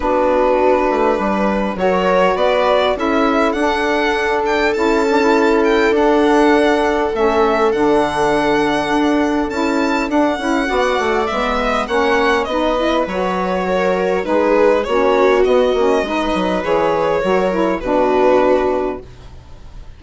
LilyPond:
<<
  \new Staff \with { instrumentName = "violin" } { \time 4/4 \tempo 4 = 101 b'2. cis''4 | d''4 e''4 fis''4. g''8 | a''4. g''8 fis''2 | e''4 fis''2. |
a''4 fis''2 e''4 | fis''4 dis''4 cis''2 | b'4 cis''4 dis''2 | cis''2 b'2 | }
  \new Staff \with { instrumentName = "viola" } { \time 4/4 fis'2 b'4 ais'4 | b'4 a'2.~ | a'1~ | a'1~ |
a'2 d''4. dis''8 | cis''4 b'2 ais'4 | gis'4 fis'2 b'4~ | b'4 ais'4 fis'2 | }
  \new Staff \with { instrumentName = "saxophone" } { \time 4/4 d'2. fis'4~ | fis'4 e'4 d'2 | e'8 d'16 e'4~ e'16 d'2 | cis'4 d'2. |
e'4 d'8 e'8 fis'4 b4 | cis'4 dis'8 e'8 fis'2 | dis'4 cis'4 b8 cis'8 dis'4 | gis'4 fis'8 e'8 d'2 | }
  \new Staff \with { instrumentName = "bassoon" } { \time 4/4 b4. a8 g4 fis4 | b4 cis'4 d'2 | cis'2 d'2 | a4 d2 d'4 |
cis'4 d'8 cis'8 b8 a8 gis4 | ais4 b4 fis2 | gis4 ais4 b8 ais8 gis8 fis8 | e4 fis4 b,2 | }
>>